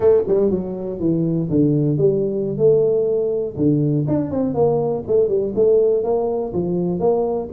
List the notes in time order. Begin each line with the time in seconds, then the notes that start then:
0.00 A3
0.27 G3
0.50 F#3
0.99 E3
1.50 D3
1.97 G3
2.57 A3
3.56 D3
4.07 D4
4.31 C4
4.54 A#3
5.07 A3
5.28 G3
5.55 A3
6.03 A#3
6.53 F3
6.99 A#3